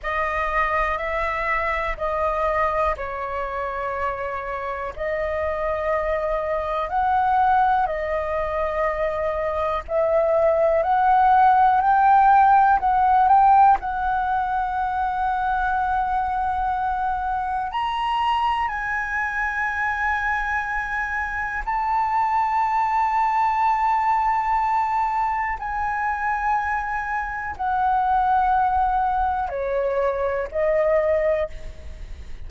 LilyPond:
\new Staff \with { instrumentName = "flute" } { \time 4/4 \tempo 4 = 61 dis''4 e''4 dis''4 cis''4~ | cis''4 dis''2 fis''4 | dis''2 e''4 fis''4 | g''4 fis''8 g''8 fis''2~ |
fis''2 ais''4 gis''4~ | gis''2 a''2~ | a''2 gis''2 | fis''2 cis''4 dis''4 | }